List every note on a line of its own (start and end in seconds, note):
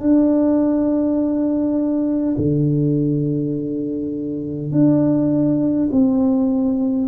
0.00 2.35 D4
2.37 4.71 D3
4.71 5.89 D4
5.91 7.07 C4